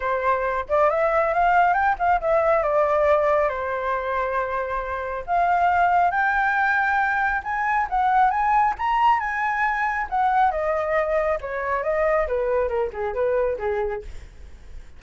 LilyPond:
\new Staff \with { instrumentName = "flute" } { \time 4/4 \tempo 4 = 137 c''4. d''8 e''4 f''4 | g''8 f''8 e''4 d''2 | c''1 | f''2 g''2~ |
g''4 gis''4 fis''4 gis''4 | ais''4 gis''2 fis''4 | dis''2 cis''4 dis''4 | b'4 ais'8 gis'8 b'4 gis'4 | }